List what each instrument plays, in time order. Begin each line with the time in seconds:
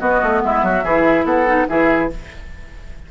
0.00 clarinet B3, bassoon B3, oboe F#4, flute D#5
0.23 bassoon A3
0.43 bassoon G#3, oboe E4, flute E5
0.63 bassoon F#3, oboe F#4
0.84 bassoon E3, clarinet E4, oboe G#4
1.25 bassoon B3, oboe A4, flute F#5
1.47 clarinet D#4
1.69 bassoon E3, clarinet E4, oboe G#4, flute E5